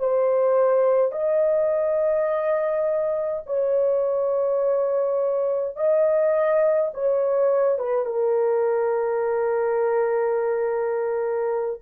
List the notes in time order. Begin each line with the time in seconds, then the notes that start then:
0.00 C5
1.12 D#5
3.47 C#5
5.76 D#5
6.94 C#5
7.79 B4
8.06 A#4